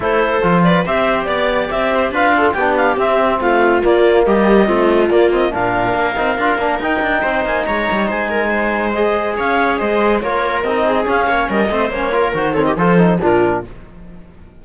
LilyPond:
<<
  \new Staff \with { instrumentName = "clarinet" } { \time 4/4 \tempo 4 = 141 c''4. d''8 e''4 d''4 | e''4 f''4 g''8 f''8 e''4 | f''4 d''4 dis''2 | d''8 dis''8 f''2. |
g''4. gis''8 ais''4 gis''4~ | gis''4 dis''4 f''4 dis''4 | cis''4 dis''4 f''4 dis''4 | cis''4 c''8 cis''16 dis''16 c''4 ais'4 | }
  \new Staff \with { instrumentName = "viola" } { \time 4/4 a'4. b'8 c''4 d''4~ | d''8 c''8 b'8 a'8 g'2 | f'2 g'4 f'4~ | f'4 ais'2.~ |
ais'4 c''4 cis''4 c''8 ais'8 | c''2 cis''4 c''4 | ais'4. gis'4 cis''8 ais'8 c''8~ | c''8 ais'4 a'16 g'16 a'4 f'4 | }
  \new Staff \with { instrumentName = "trombone" } { \time 4/4 e'4 f'4 g'2~ | g'4 f'4 d'4 c'4~ | c'4 ais2 c'4 | ais8 c'8 d'4. dis'8 f'8 d'8 |
dis'1~ | dis'4 gis'2. | f'4 dis'4 cis'4. c'8 | cis'8 f'8 fis'8 c'8 f'8 dis'8 d'4 | }
  \new Staff \with { instrumentName = "cello" } { \time 4/4 a4 f4 c'4 b4 | c'4 d'4 b4 c'4 | a4 ais4 g4 a4 | ais4 ais,4 ais8 c'8 d'8 ais8 |
dis'8 d'8 c'8 ais8 gis8 g8 gis4~ | gis2 cis'4 gis4 | ais4 c'4 cis'8 ais8 g8 a8 | ais4 dis4 f4 ais,4 | }
>>